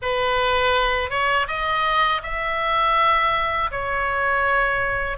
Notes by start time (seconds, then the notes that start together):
0.02 B4
1.09 C#5
1.47 D#5
2.22 E5
3.71 C#5